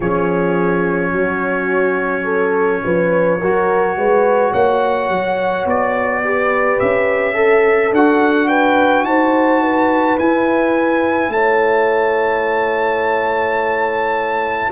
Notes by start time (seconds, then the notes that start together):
0.00 F3 C#4 G#4 C#5
1.12 F#3 F#4
2.24 A4
2.84 F3 B4
3.39 F#3 F#4 A#4
3.96 G#3 B4
4.52 A#3 C#5 F#5
5.09 F#3
5.65 B3 D5
6.23 G4 B4
6.79 C#4 E5
7.33 A4
7.91 D4 F#4 F#5
8.48 B4 G5
9.03 D#4 C5 A5
9.62 B4
10.18 E4 G#5
11.29 A3 C#5 A5